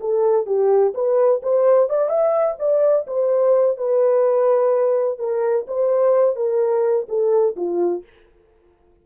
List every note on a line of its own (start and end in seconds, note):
0.00 0.46 A4
0.46 0.93 G4
0.94 1.42 B4
1.42 1.89 C5
1.89 2.09 D5
2.09 2.56 E5
2.59 3.06 D5
3.07 3.78 C5
3.78 5.19 B4
5.19 5.66 A#4
5.67 6.36 C5
6.36 7.07 A#4
7.09 7.56 A4
7.56 8.03 F4